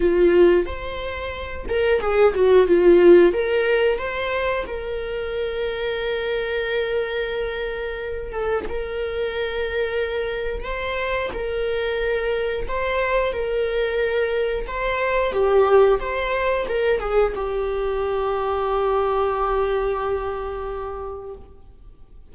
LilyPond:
\new Staff \with { instrumentName = "viola" } { \time 4/4 \tempo 4 = 90 f'4 c''4. ais'8 gis'8 fis'8 | f'4 ais'4 c''4 ais'4~ | ais'1~ | ais'8 a'8 ais'2. |
c''4 ais'2 c''4 | ais'2 c''4 g'4 | c''4 ais'8 gis'8 g'2~ | g'1 | }